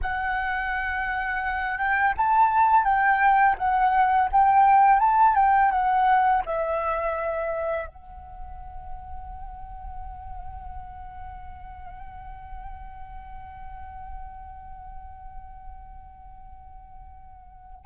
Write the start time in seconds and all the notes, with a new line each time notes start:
0.01 F#5
1.78 G5
2.17 A5
2.84 G5
3.57 F#5
4.32 G5
4.99 A5
5.35 G5
5.71 F#5
6.45 E5
7.87 F#5